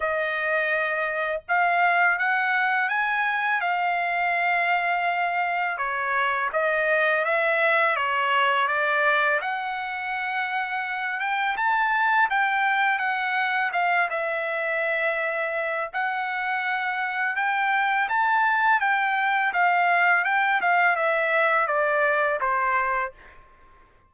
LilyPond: \new Staff \with { instrumentName = "trumpet" } { \time 4/4 \tempo 4 = 83 dis''2 f''4 fis''4 | gis''4 f''2. | cis''4 dis''4 e''4 cis''4 | d''4 fis''2~ fis''8 g''8 |
a''4 g''4 fis''4 f''8 e''8~ | e''2 fis''2 | g''4 a''4 g''4 f''4 | g''8 f''8 e''4 d''4 c''4 | }